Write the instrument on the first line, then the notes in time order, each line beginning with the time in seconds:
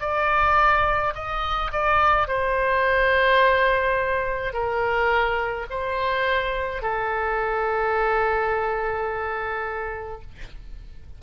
oboe
0.00 D5
1.15 D#5
1.72 D5
2.27 C5
4.53 A#4
5.70 C5
6.82 A4